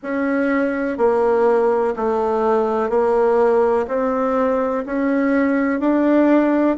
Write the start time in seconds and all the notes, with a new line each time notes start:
0.03 C#4
0.97 A#3
1.96 A3
2.89 A#3
3.87 C4
4.86 C#4
5.79 D4